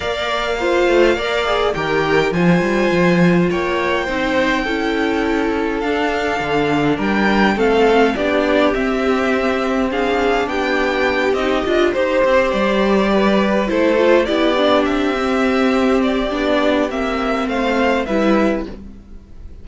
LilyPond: <<
  \new Staff \with { instrumentName = "violin" } { \time 4/4 \tempo 4 = 103 f''2. g''4 | gis''2 g''2~ | g''2 f''2 | g''4 f''4 d''4 e''4~ |
e''4 f''4 g''4. dis''8~ | dis''8 c''4 d''2 c''8~ | c''8 d''4 e''2 d''8~ | d''4 e''4 f''4 e''4 | }
  \new Staff \with { instrumentName = "violin" } { \time 4/4 d''4 c''4 d''4 ais'4 | c''2 cis''4 c''4 | a'1 | ais'4 a'4 g'2~ |
g'4 gis'4 g'2~ | g'8 c''2 b'4 a'8~ | a'8 g'2.~ g'8~ | g'2 c''4 b'4 | }
  \new Staff \with { instrumentName = "viola" } { \time 4/4 ais'4 f'4 ais'8 gis'8 g'4 | f'2. dis'4 | e'2 d'2~ | d'4 c'4 d'4 c'4~ |
c'4 d'2~ d'8 dis'8 | f'8 g'2. e'8 | f'8 e'8 d'4 c'2 | d'4 c'2 e'4 | }
  \new Staff \with { instrumentName = "cello" } { \time 4/4 ais4. a8 ais4 dis4 | f8 g8 f4 ais4 c'4 | cis'2 d'4 d4 | g4 a4 b4 c'4~ |
c'2 b4. c'8 | d'8 dis'8 c'8 g2 a8~ | a8 b4 c'2~ c'8 | b4 ais4 a4 g4 | }
>>